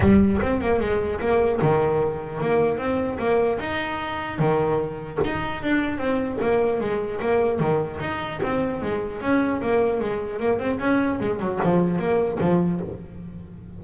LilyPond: \new Staff \with { instrumentName = "double bass" } { \time 4/4 \tempo 4 = 150 g4 c'8 ais8 gis4 ais4 | dis2 ais4 c'4 | ais4 dis'2 dis4~ | dis4 dis'4 d'4 c'4 |
ais4 gis4 ais4 dis4 | dis'4 c'4 gis4 cis'4 | ais4 gis4 ais8 c'8 cis'4 | gis8 fis8 f4 ais4 f4 | }